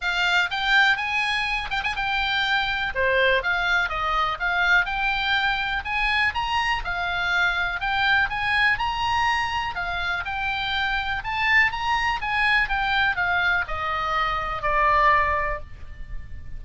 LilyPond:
\new Staff \with { instrumentName = "oboe" } { \time 4/4 \tempo 4 = 123 f''4 g''4 gis''4. g''16 gis''16 | g''2 c''4 f''4 | dis''4 f''4 g''2 | gis''4 ais''4 f''2 |
g''4 gis''4 ais''2 | f''4 g''2 a''4 | ais''4 gis''4 g''4 f''4 | dis''2 d''2 | }